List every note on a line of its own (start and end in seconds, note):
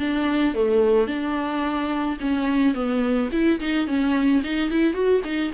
0.00 0.55 D4
0.55 1.07 A3
1.07 2.17 D4
2.21 2.74 C#4
2.74 3.30 B3
3.32 3.60 E4
3.60 3.88 D#4
3.88 4.43 C#4
4.44 4.71 D#4
4.71 4.94 E4
4.94 5.21 F#4
5.24 5.52 D#4